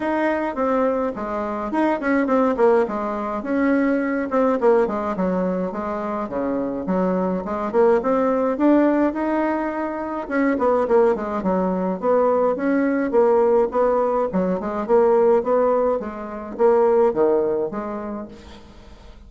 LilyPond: \new Staff \with { instrumentName = "bassoon" } { \time 4/4 \tempo 4 = 105 dis'4 c'4 gis4 dis'8 cis'8 | c'8 ais8 gis4 cis'4. c'8 | ais8 gis8 fis4 gis4 cis4 | fis4 gis8 ais8 c'4 d'4 |
dis'2 cis'8 b8 ais8 gis8 | fis4 b4 cis'4 ais4 | b4 fis8 gis8 ais4 b4 | gis4 ais4 dis4 gis4 | }